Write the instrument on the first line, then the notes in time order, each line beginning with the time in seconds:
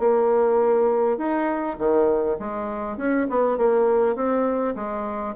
bassoon
0.00 A#3
1.18 D#4
1.79 D#3
2.40 G#3
2.98 C#4
3.30 B3
3.58 A#3
4.16 C4
4.76 G#3